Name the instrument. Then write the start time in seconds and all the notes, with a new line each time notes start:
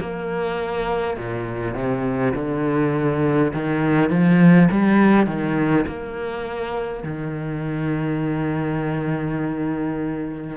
cello
0.00 A#3
1.17 A#2
1.75 C3
2.35 D3
3.53 D#3
4.10 F3
4.71 G3
5.27 D#3
5.87 A#3
7.04 D#3